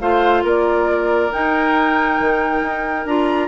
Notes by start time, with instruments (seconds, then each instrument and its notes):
0.00 bassoon A3, clarinet F4, oboe C5, flute F5
0.44 bassoon A#3, oboe A#4, flute D5
1.31 clarinet D#4, bassoon D#4, flute G5
2.19 bassoon D#3
2.62 bassoon D#4
3.05 bassoon D4, clarinet F4, flute A#5